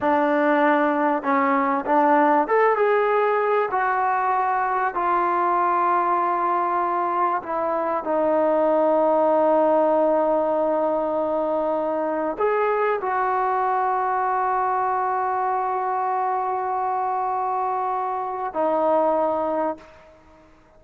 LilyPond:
\new Staff \with { instrumentName = "trombone" } { \time 4/4 \tempo 4 = 97 d'2 cis'4 d'4 | a'8 gis'4. fis'2 | f'1 | e'4 dis'2.~ |
dis'1 | gis'4 fis'2.~ | fis'1~ | fis'2 dis'2 | }